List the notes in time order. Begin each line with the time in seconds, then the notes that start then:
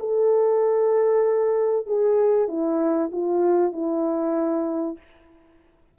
0.00 A4
1.87 G#4
2.48 E4
3.12 F4
3.73 E4